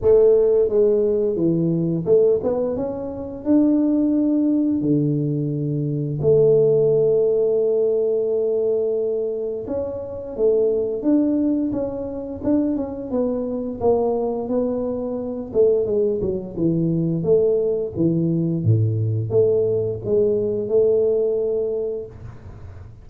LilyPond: \new Staff \with { instrumentName = "tuba" } { \time 4/4 \tempo 4 = 87 a4 gis4 e4 a8 b8 | cis'4 d'2 d4~ | d4 a2.~ | a2 cis'4 a4 |
d'4 cis'4 d'8 cis'8 b4 | ais4 b4. a8 gis8 fis8 | e4 a4 e4 a,4 | a4 gis4 a2 | }